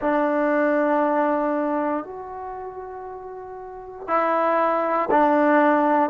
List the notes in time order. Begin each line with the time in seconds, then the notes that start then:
0.00 D4
2.04 F#4
4.07 E4
5.11 D4